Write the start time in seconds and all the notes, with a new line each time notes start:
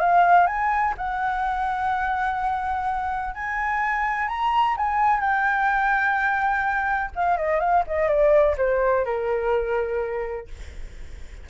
0.00 F5
0.46 G#5
0.97 F#5
3.34 G#5
4.28 A#5
4.77 G#5
5.20 G5
7.15 F5
7.37 D#5
7.59 F5
7.87 D#5
8.08 D5
8.57 C5
9.05 A#4